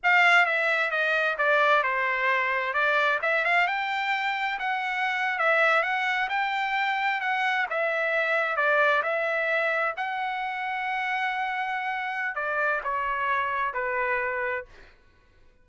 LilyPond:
\new Staff \with { instrumentName = "trumpet" } { \time 4/4 \tempo 4 = 131 f''4 e''4 dis''4 d''4 | c''2 d''4 e''8 f''8 | g''2 fis''4.~ fis''16 e''16~ | e''8. fis''4 g''2 fis''16~ |
fis''8. e''2 d''4 e''16~ | e''4.~ e''16 fis''2~ fis''16~ | fis''2. d''4 | cis''2 b'2 | }